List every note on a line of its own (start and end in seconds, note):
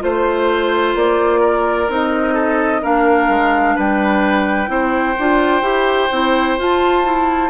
0.00 0.95 A3
0.00 1.88 F4
0.00 0.97 C5
0.00 1.41 C5
0.95 1.89 A#3
0.95 1.91 D5
1.41 2.34 A#4
1.89 2.82 C4
1.89 2.82 D#4
1.89 2.85 D#5
2.34 2.81 A4
2.82 3.29 A#3
2.82 4.68 D4
2.82 3.76 A#4
2.82 3.78 F5
3.29 3.76 G#3
3.76 4.69 G3
3.76 4.70 B4
3.76 6.61 G5
4.68 5.16 C4
4.68 5.15 E4
4.68 7.50 C5
5.19 5.62 D4
5.19 5.62 F4
5.62 6.09 E4
5.62 6.09 G4
6.12 6.59 C4
6.12 6.59 E4
6.59 7.04 F4
6.59 7.50 F4
6.59 7.50 A5
7.04 7.50 E4